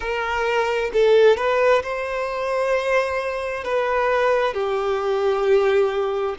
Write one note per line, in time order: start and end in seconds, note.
0.00 0.91 A#4
0.93 1.36 A4
1.36 1.82 B4
1.83 3.64 C5
3.64 4.53 B4
4.53 6.35 G4